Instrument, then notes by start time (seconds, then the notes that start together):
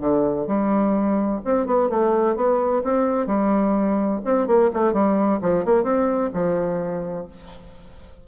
bassoon
0.00 D3
0.46 G3
1.44 C4
1.66 B3
1.89 A3
2.35 B3
2.83 C4
3.26 G3
4.24 C4
4.46 A#3
4.73 A3
4.93 G3
5.41 F3
5.65 A#3
5.83 C4
6.33 F3